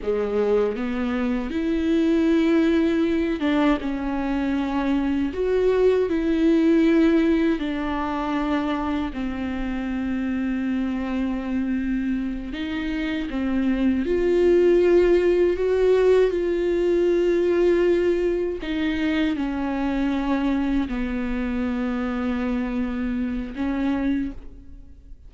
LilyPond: \new Staff \with { instrumentName = "viola" } { \time 4/4 \tempo 4 = 79 gis4 b4 e'2~ | e'8 d'8 cis'2 fis'4 | e'2 d'2 | c'1~ |
c'8 dis'4 c'4 f'4.~ | f'8 fis'4 f'2~ f'8~ | f'8 dis'4 cis'2 b8~ | b2. cis'4 | }